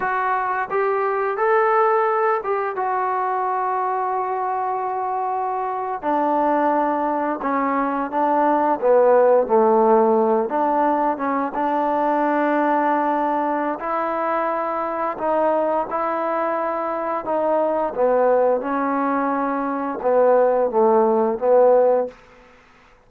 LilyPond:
\new Staff \with { instrumentName = "trombone" } { \time 4/4 \tempo 4 = 87 fis'4 g'4 a'4. g'8 | fis'1~ | fis'8. d'2 cis'4 d'16~ | d'8. b4 a4. d'8.~ |
d'16 cis'8 d'2.~ d'16 | e'2 dis'4 e'4~ | e'4 dis'4 b4 cis'4~ | cis'4 b4 a4 b4 | }